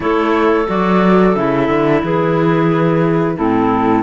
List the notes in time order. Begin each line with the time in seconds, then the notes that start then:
0.00 A3 E4 A4 C#5
0.66 F#3 F#4 D5
1.35 C#3 E4 E5
1.68 D3
2.02 E3 G#4 B4
3.35 A2 C4 E4 A4